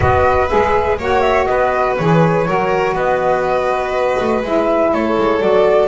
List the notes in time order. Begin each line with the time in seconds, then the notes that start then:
0.00 B3 F#4 B4 D#5
0.48 G#3 G#4 E5
0.98 A#3 F#4 C#5 F#5
1.20 E5
1.45 B3 B4 D#5
1.96 E3 G#4 C#5
2.46 F#3 F#4 A#4
2.92 B3 B4 D#5
4.20 A3
4.42 G#3 E4 E5
4.92 A3 A4 C#5
5.17 G#3
5.40 F#3 F#4 D5